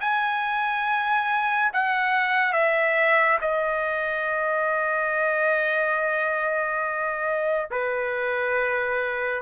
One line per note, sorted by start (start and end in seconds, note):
0.00 1.71 G#5
1.73 2.53 F#5
2.53 3.39 E5
3.41 7.69 D#5
7.71 9.42 B4